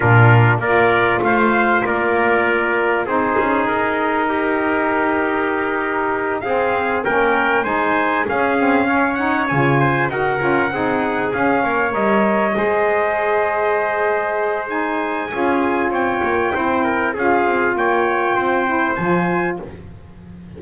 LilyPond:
<<
  \new Staff \with { instrumentName = "trumpet" } { \time 4/4 \tempo 4 = 98 ais'4 d''4 f''4 d''4~ | d''4 c''4 ais'2~ | ais'2~ ais'8 f''4 g''8~ | g''8 gis''4 f''4. fis''8 gis''8~ |
gis''8 fis''2 f''4 dis''8~ | dis''1 | gis''2 g''2 | f''4 g''2 gis''4 | }
  \new Staff \with { instrumentName = "trumpet" } { \time 4/4 f'4 ais'4 c''4 ais'4~ | ais'4 gis'2 g'4~ | g'2~ g'8 gis'4 ais'8~ | ais'8 c''4 gis'4 cis''4. |
c''8 ais'4 gis'4. cis''4~ | cis''8 c''2.~ c''8~ | c''4 gis'4 cis''4 c''8 ais'8 | gis'4 cis''4 c''2 | }
  \new Staff \with { instrumentName = "saxophone" } { \time 4/4 d'4 f'2.~ | f'4 dis'2.~ | dis'2~ dis'8 c'4 cis'8~ | cis'8 dis'4 cis'8 c'8 cis'8 dis'8 f'8~ |
f'8 fis'8 f'8 dis'4 cis'4 ais'8~ | ais'8 gis'2.~ gis'8 | dis'4 f'2 e'4 | f'2~ f'8 e'8 f'4 | }
  \new Staff \with { instrumentName = "double bass" } { \time 4/4 ais,4 ais4 a4 ais4~ | ais4 c'8 cis'8 dis'2~ | dis'2~ dis'8 c'4 ais8~ | ais8 gis4 cis'2 cis8~ |
cis8 dis'8 cis'8 c'4 cis'8 ais8 g8~ | g8 gis2.~ gis8~ | gis4 cis'4 c'8 ais8 c'4 | cis'8 c'8 ais4 c'4 f4 | }
>>